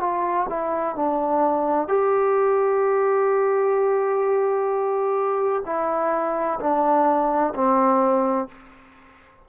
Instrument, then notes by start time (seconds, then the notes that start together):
trombone
0.00 F4
0.49 E4
0.95 D4
1.88 G4
5.65 E4
6.60 D4
7.55 C4